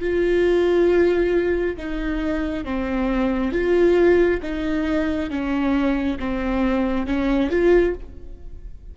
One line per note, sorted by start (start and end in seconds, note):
0.00 1.76 F4
1.77 2.65 D#4
2.65 3.52 C4
3.52 4.40 F4
4.42 5.30 D#4
5.30 6.18 C#4
6.19 7.07 C4
7.07 7.50 C#4
7.50 7.95 F4